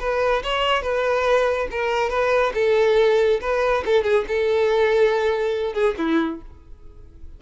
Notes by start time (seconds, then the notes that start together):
0.00 B4
0.44 C#5
0.82 B4
1.71 A#4
2.10 B4
2.55 A4
3.41 B4
3.86 A4
4.04 G#4
4.28 A4
5.74 G#4
5.98 E4